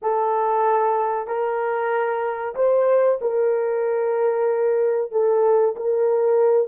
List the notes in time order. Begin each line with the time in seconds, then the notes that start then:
0.02 A4
1.27 A#4
2.55 C5
3.21 A#4
5.11 A4
5.76 A#4